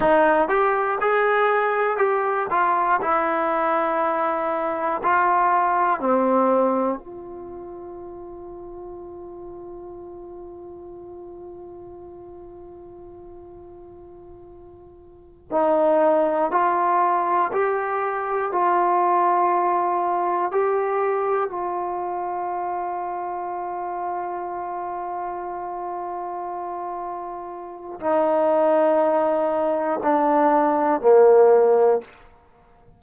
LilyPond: \new Staff \with { instrumentName = "trombone" } { \time 4/4 \tempo 4 = 60 dis'8 g'8 gis'4 g'8 f'8 e'4~ | e'4 f'4 c'4 f'4~ | f'1~ | f'2.~ f'8 dis'8~ |
dis'8 f'4 g'4 f'4.~ | f'8 g'4 f'2~ f'8~ | f'1 | dis'2 d'4 ais4 | }